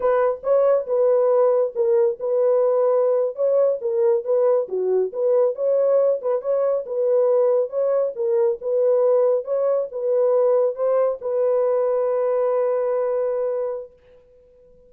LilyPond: \new Staff \with { instrumentName = "horn" } { \time 4/4 \tempo 4 = 138 b'4 cis''4 b'2 | ais'4 b'2~ b'8. cis''16~ | cis''8. ais'4 b'4 fis'4 b'16~ | b'8. cis''4. b'8 cis''4 b'16~ |
b'4.~ b'16 cis''4 ais'4 b'16~ | b'4.~ b'16 cis''4 b'4~ b'16~ | b'8. c''4 b'2~ b'16~ | b'1 | }